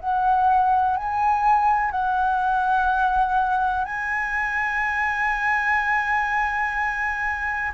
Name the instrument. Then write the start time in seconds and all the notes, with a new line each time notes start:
flute
0.00 F#5
0.97 G#5
1.91 F#5
3.85 G#5